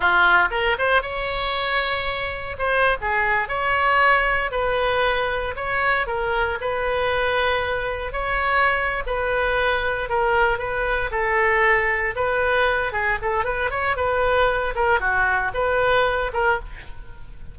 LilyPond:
\new Staff \with { instrumentName = "oboe" } { \time 4/4 \tempo 4 = 116 f'4 ais'8 c''8 cis''2~ | cis''4 c''8. gis'4 cis''4~ cis''16~ | cis''8. b'2 cis''4 ais'16~ | ais'8. b'2. cis''16~ |
cis''4. b'2 ais'8~ | ais'8 b'4 a'2 b'8~ | b'4 gis'8 a'8 b'8 cis''8 b'4~ | b'8 ais'8 fis'4 b'4. ais'8 | }